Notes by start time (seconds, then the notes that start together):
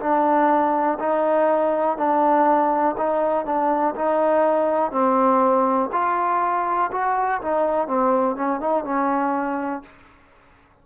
0.00 D4
1.00 D#4
1.97 D4
2.97 D#4
3.46 D4
3.95 D#4
4.91 C4
5.92 F4
6.92 F#4
7.42 D#4
7.87 C4
8.36 C#4
8.60 D#4
8.84 C#4